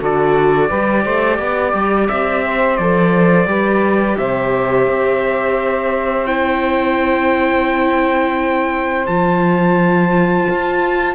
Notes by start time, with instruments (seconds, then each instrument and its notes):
0.00 cello D3, viola F#4, saxophone A4, trumpet D5
0.68 cello G3, viola G4, saxophone B4
1.03 cello A3, saxophone C5
1.39 cello B3, saxophone D5
1.74 cello G3
2.08 cello C4, trumpet E5
2.45 saxophone C5
2.77 cello F3, viola A4, trumpet D5
3.46 cello G3, viola G4, saxophone B4
4.18 cello C3, saxophone C5, trumpet E5
4.88 cello C4
6.27 viola E4, trumpet G5
9.06 cello F3, viola F4, trumpet A5
10.50 cello F4